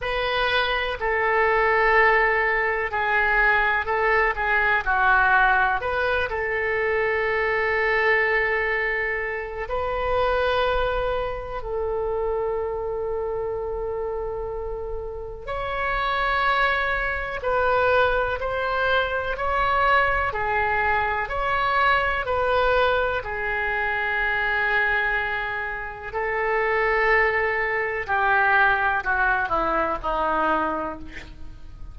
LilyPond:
\new Staff \with { instrumentName = "oboe" } { \time 4/4 \tempo 4 = 62 b'4 a'2 gis'4 | a'8 gis'8 fis'4 b'8 a'4.~ | a'2 b'2 | a'1 |
cis''2 b'4 c''4 | cis''4 gis'4 cis''4 b'4 | gis'2. a'4~ | a'4 g'4 fis'8 e'8 dis'4 | }